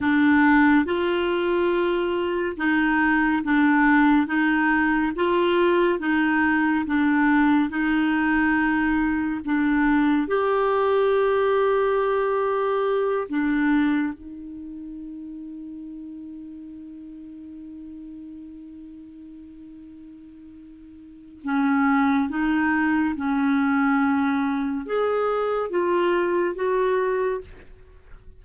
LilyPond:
\new Staff \with { instrumentName = "clarinet" } { \time 4/4 \tempo 4 = 70 d'4 f'2 dis'4 | d'4 dis'4 f'4 dis'4 | d'4 dis'2 d'4 | g'2.~ g'8 d'8~ |
d'8 dis'2.~ dis'8~ | dis'1~ | dis'4 cis'4 dis'4 cis'4~ | cis'4 gis'4 f'4 fis'4 | }